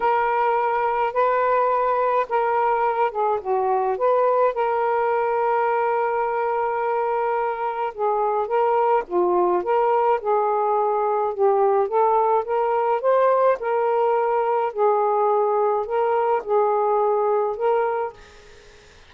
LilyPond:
\new Staff \with { instrumentName = "saxophone" } { \time 4/4 \tempo 4 = 106 ais'2 b'2 | ais'4. gis'8 fis'4 b'4 | ais'1~ | ais'2 gis'4 ais'4 |
f'4 ais'4 gis'2 | g'4 a'4 ais'4 c''4 | ais'2 gis'2 | ais'4 gis'2 ais'4 | }